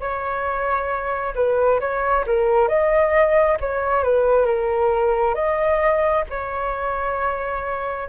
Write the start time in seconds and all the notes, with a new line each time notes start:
0.00 C#5
1.35 B4
1.80 C#5
2.27 A#4
2.68 D#5
3.60 C#5
4.03 B4
4.46 A#4
5.34 D#5
6.30 C#5